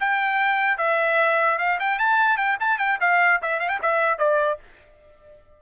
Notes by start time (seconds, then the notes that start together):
0.00 G5
0.78 E5
1.59 F5
1.80 G5
1.99 A5
2.37 G5
2.60 A5
2.78 G5
3.01 F5
3.42 E5
3.60 F5
3.69 G5
3.82 E5
4.19 D5